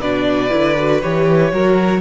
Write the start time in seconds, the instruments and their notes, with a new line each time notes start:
0.00 cello B2, viola D4, violin B4 D5
0.50 cello D3, viola E4
0.78 viola F#4
1.02 cello E3, viola G4, violin C#5
1.52 cello F#3, viola F#4, violin A#4